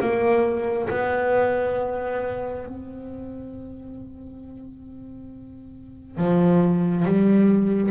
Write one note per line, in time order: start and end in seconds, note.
0.00 0.88 A#3
0.89 2.66 B3
2.66 6.17 C4
6.17 7.05 F3
7.05 7.91 G3